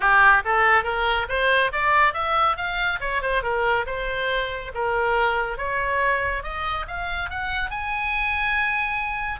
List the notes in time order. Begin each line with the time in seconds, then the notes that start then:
0.00 G4
0.44 A4
0.83 A#4
1.28 C5
1.72 D5
2.13 E5
2.57 F5
3.00 C#5
3.21 C5
3.42 A#4
3.86 C5
4.74 A#4
5.57 C#5
6.43 D#5
6.87 F5
7.30 F#5
7.70 G#5